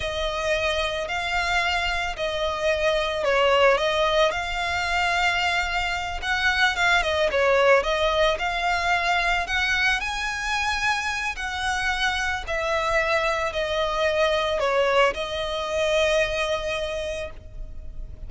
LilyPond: \new Staff \with { instrumentName = "violin" } { \time 4/4 \tempo 4 = 111 dis''2 f''2 | dis''2 cis''4 dis''4 | f''2.~ f''8 fis''8~ | fis''8 f''8 dis''8 cis''4 dis''4 f''8~ |
f''4. fis''4 gis''4.~ | gis''4 fis''2 e''4~ | e''4 dis''2 cis''4 | dis''1 | }